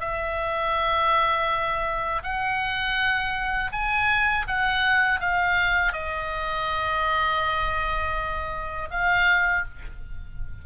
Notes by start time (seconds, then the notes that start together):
0.00 E5
2.23 F#5
3.72 G#5
4.47 F#5
5.20 F5
5.92 D#5
8.90 F5